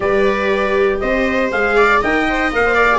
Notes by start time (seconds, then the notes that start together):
0.00 G3 G4 B4 D5
1.00 C4 C5 D#5
1.51 G#3 G#4 F5
1.76 D5
2.01 D#4 A#4 D#5 G5
2.28 C5
2.51 A#3 A#4 F5
2.65 C5
2.74 A#4 D5
2.91 G#4